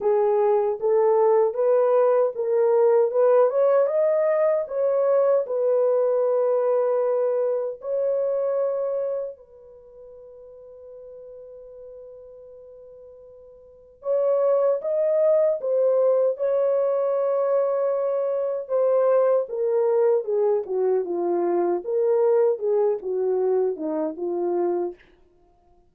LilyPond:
\new Staff \with { instrumentName = "horn" } { \time 4/4 \tempo 4 = 77 gis'4 a'4 b'4 ais'4 | b'8 cis''8 dis''4 cis''4 b'4~ | b'2 cis''2 | b'1~ |
b'2 cis''4 dis''4 | c''4 cis''2. | c''4 ais'4 gis'8 fis'8 f'4 | ais'4 gis'8 fis'4 dis'8 f'4 | }